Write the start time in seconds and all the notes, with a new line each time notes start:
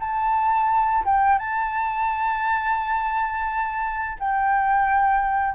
0.00 A5
1.06 G5
1.39 A5
4.20 G5